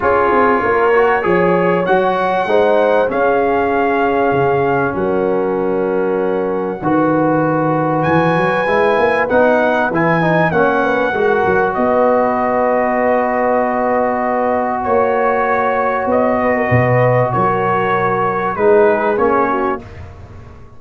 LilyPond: <<
  \new Staff \with { instrumentName = "trumpet" } { \time 4/4 \tempo 4 = 97 cis''2. fis''4~ | fis''4 f''2. | fis''1~ | fis''4 gis''2 fis''4 |
gis''4 fis''2 dis''4~ | dis''1 | cis''2 dis''2 | cis''2 b'4 cis''4 | }
  \new Staff \with { instrumentName = "horn" } { \time 4/4 gis'4 ais'4 cis''2 | c''4 gis'2. | ais'2. b'4~ | b'1~ |
b'4 cis''8 b'8 ais'4 b'4~ | b'1 | cis''2~ cis''8 b'16 ais'16 b'4 | ais'2 gis'4. fis'8 | }
  \new Staff \with { instrumentName = "trombone" } { \time 4/4 f'4. fis'8 gis'4 fis'4 | dis'4 cis'2.~ | cis'2. fis'4~ | fis'2 e'4 dis'4 |
e'8 dis'8 cis'4 fis'2~ | fis'1~ | fis'1~ | fis'2 dis'4 cis'4 | }
  \new Staff \with { instrumentName = "tuba" } { \time 4/4 cis'8 c'8 ais4 f4 fis4 | gis4 cis'2 cis4 | fis2. dis4~ | dis4 e8 fis8 gis8 ais8 b4 |
e4 ais4 gis8 fis8 b4~ | b1 | ais2 b4 b,4 | fis2 gis4 ais4 | }
>>